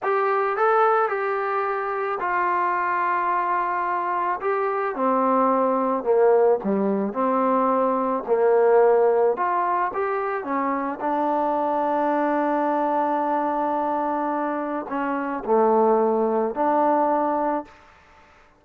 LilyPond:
\new Staff \with { instrumentName = "trombone" } { \time 4/4 \tempo 4 = 109 g'4 a'4 g'2 | f'1 | g'4 c'2 ais4 | g4 c'2 ais4~ |
ais4 f'4 g'4 cis'4 | d'1~ | d'2. cis'4 | a2 d'2 | }